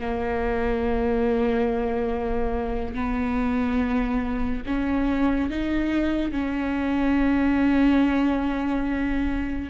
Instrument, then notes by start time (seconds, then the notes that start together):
viola
0.00 A#3
2.95 B3
4.66 C#4
5.50 D#4
6.32 C#4